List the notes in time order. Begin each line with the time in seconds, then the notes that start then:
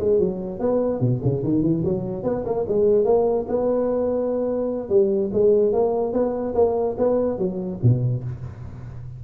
0.00 G#3
0.20 F#3
0.60 B3
1.00 B2
1.23 C#3
1.44 D#3
1.63 E3
1.85 F#3
2.24 B3
2.46 A#3
2.68 G#3
3.05 A#3
3.48 B3
4.90 G3
5.33 G#3
5.73 A#3
6.13 B3
6.55 A#3
6.98 B3
7.39 F#3
7.83 B2